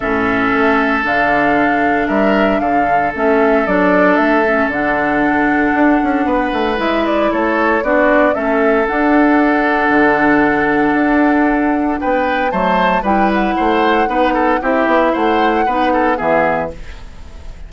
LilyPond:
<<
  \new Staff \with { instrumentName = "flute" } { \time 4/4 \tempo 4 = 115 e''2 f''2 | e''4 f''4 e''4 d''4 | e''4 fis''2.~ | fis''4 e''8 d''8 cis''4 d''4 |
e''4 fis''2.~ | fis''2. g''4 | a''4 g''8 fis''2~ fis''8 | e''4 fis''2 e''4 | }
  \new Staff \with { instrumentName = "oboe" } { \time 4/4 a'1 | ais'4 a'2.~ | a'1 | b'2 a'4 fis'4 |
a'1~ | a'2. b'4 | c''4 b'4 c''4 b'8 a'8 | g'4 c''4 b'8 a'8 gis'4 | }
  \new Staff \with { instrumentName = "clarinet" } { \time 4/4 cis'2 d'2~ | d'2 cis'4 d'4~ | d'8 cis'8 d'2.~ | d'4 e'2 d'4 |
cis'4 d'2.~ | d'1 | a4 e'2 dis'4 | e'2 dis'4 b4 | }
  \new Staff \with { instrumentName = "bassoon" } { \time 4/4 a,4 a4 d2 | g4 d4 a4 fis4 | a4 d2 d'8 cis'8 | b8 a8 gis4 a4 b4 |
a4 d'2 d4~ | d4 d'2 b4 | fis4 g4 a4 b4 | c'8 b8 a4 b4 e4 | }
>>